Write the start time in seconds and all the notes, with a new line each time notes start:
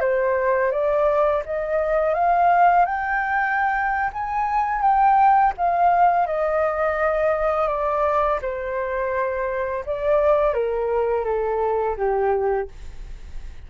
0.00 C5
0.71 D5
1.45 D#5
2.14 F5
2.85 G5
4.13 G#5
4.81 G5
5.57 F5
6.26 D#5
7.68 D5
8.42 C5
9.85 D5
10.54 A#4
11.24 A4
11.96 G4